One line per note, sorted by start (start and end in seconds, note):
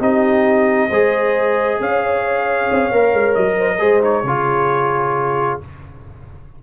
0.00 0.90 C4
0.00 0.90 D#4
0.00 0.89 G4
0.00 1.81 D#5
0.89 1.80 G#3
0.89 2.93 G#4
0.89 1.78 C5
1.80 2.70 C#4
1.80 3.59 C#5
1.80 3.35 F5
2.71 2.92 C4
2.92 3.13 A#3
2.92 3.78 A#4
3.13 3.36 G#3
3.35 3.80 F#3
3.35 4.02 D#5
3.59 3.70 C5
3.70 3.80 A#4
3.78 4.23 G#3
3.78 4.01 G#4
3.78 4.25 C5
4.01 4.23 D#4
4.01 5.60 C#5
4.23 5.58 C#3
4.23 5.61 F4
4.23 5.63 G#4